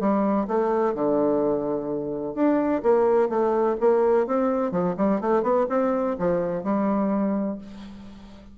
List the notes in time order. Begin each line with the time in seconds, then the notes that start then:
0.00 G3
0.48 A3
0.94 D3
2.35 D4
2.83 A#3
3.29 A3
3.81 A#3
4.27 C4
4.72 F3
4.97 G3
5.21 A3
5.43 B3
5.70 C4
6.19 F3
6.64 G3